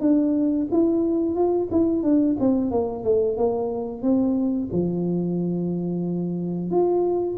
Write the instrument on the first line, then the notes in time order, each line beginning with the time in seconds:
tuba
0.00 D4
0.71 E4
1.35 F4
1.71 E4
2.03 D4
2.39 C4
2.70 A#3
3.03 A3
3.36 A#3
4.02 C4
4.72 F3
6.70 F4